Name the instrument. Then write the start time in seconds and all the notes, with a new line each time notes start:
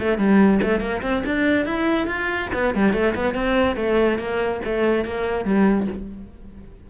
cello
0.00 A3
0.18 G3
0.63 A3
0.80 A#3
1.02 C4
1.26 D4
1.66 E4
2.07 F4
2.54 B3
2.75 G3
2.93 A3
3.15 B3
3.35 C4
3.76 A3
4.19 A#3
4.65 A3
5.05 A#3
5.45 G3